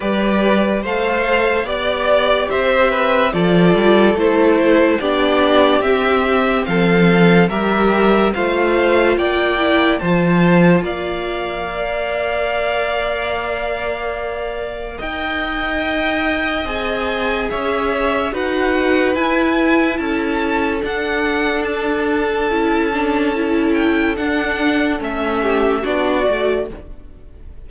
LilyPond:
<<
  \new Staff \with { instrumentName = "violin" } { \time 4/4 \tempo 4 = 72 d''4 f''4 d''4 e''4 | d''4 c''4 d''4 e''4 | f''4 e''4 f''4 g''4 | a''4 f''2.~ |
f''2 g''2 | gis''4 e''4 fis''4 gis''4 | a''4 fis''4 a''2~ | a''8 g''8 fis''4 e''4 d''4 | }
  \new Staff \with { instrumentName = "violin" } { \time 4/4 b'4 c''4 d''4 c''8 b'8 | a'2 g'2 | a'4 ais'4 c''4 d''4 | c''4 d''2.~ |
d''2 dis''2~ | dis''4 cis''4 b'2 | a'1~ | a'2~ a'8 g'8 fis'4 | }
  \new Staff \with { instrumentName = "viola" } { \time 4/4 g'4 a'4 g'2 | f'4 e'4 d'4 c'4~ | c'4 g'4 f'4. e'8 | f'2 ais'2~ |
ais'1 | gis'2 fis'4 e'4~ | e'4 d'2 e'8 d'8 | e'4 d'4 cis'4 d'8 fis'8 | }
  \new Staff \with { instrumentName = "cello" } { \time 4/4 g4 a4 b4 c'4 | f8 g8 a4 b4 c'4 | f4 g4 a4 ais4 | f4 ais2.~ |
ais2 dis'2 | c'4 cis'4 dis'4 e'4 | cis'4 d'2 cis'4~ | cis'4 d'4 a4 b8 a8 | }
>>